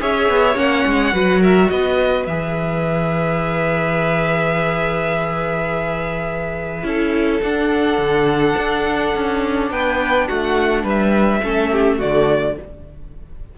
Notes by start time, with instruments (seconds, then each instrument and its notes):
0.00 cello C#4, viola G#4, violin C#5 E5
0.30 cello B3
0.55 cello A#3, viola C#4, violin F#5
0.86 cello G#3
1.13 cello F#3, viola F#4, violin B4
1.41 violin A#4 E5
1.70 cello B3, violin B4 D#5
2.27 cello E3, viola G#4, violin E5
6.83 cello C#4, viola E4, violin A4
7.42 cello D4, viola D4, violin F#5
7.98 cello D3
8.57 cello D4
9.15 cello C#4
9.71 cello B3, violin B4 G5
10.28 cello A3, violin F#4 F#5
10.84 cello G3, violin B4 E5
11.43 cello A3, viola C#4, violin A4
11.72 violin G4
11.98 cello D3, viola A3, violin F#4 D5